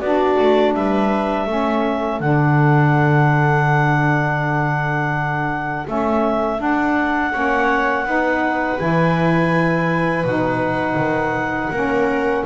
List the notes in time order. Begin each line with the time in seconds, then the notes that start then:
0.00 B3 D4 F#4 D5
0.39 A3
0.74 G3 B4 E5
1.46 A3 C#4 A4
2.20 D3 D4 F#5
5.86 A3 C#4 E5
6.57 D4 F#5
7.32 A#3 C#4 C#5
8.05 B3 D#4 B4
8.78 E3 E4 G#5
10.24 B2 D#4 F#5
10.96 D#3
11.71 A#3 C#4 A#4